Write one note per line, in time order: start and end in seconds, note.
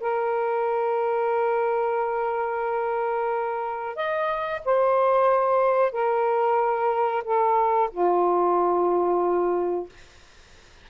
0.00 3.95 A#4
3.95 4.61 D#5
4.65 5.91 C5
5.91 7.23 A#4
7.24 7.90 A4
7.91 9.89 F4